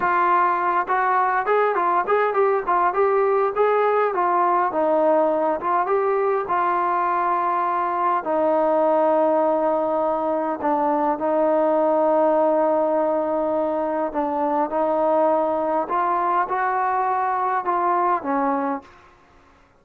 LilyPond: \new Staff \with { instrumentName = "trombone" } { \time 4/4 \tempo 4 = 102 f'4. fis'4 gis'8 f'8 gis'8 | g'8 f'8 g'4 gis'4 f'4 | dis'4. f'8 g'4 f'4~ | f'2 dis'2~ |
dis'2 d'4 dis'4~ | dis'1 | d'4 dis'2 f'4 | fis'2 f'4 cis'4 | }